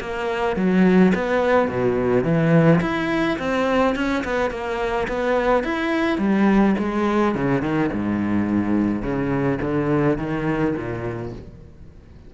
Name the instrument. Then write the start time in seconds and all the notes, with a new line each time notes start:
cello
0.00 A#3
0.56 F#3
1.14 B3
1.68 B2
2.24 E3
2.81 E4
3.39 C4
3.95 C#4
4.24 B3
4.51 A#3
5.08 B3
5.63 E4
6.18 G3
6.78 G#3
7.35 C#3
7.62 D#3
7.92 G#2
9.02 C#3
9.61 D3
10.18 D#3
10.75 A#2